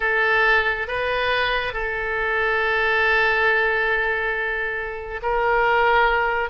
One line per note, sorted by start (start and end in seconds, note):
0.00 0.87 A4
0.87 1.73 B4
1.73 5.21 A4
5.22 6.49 A#4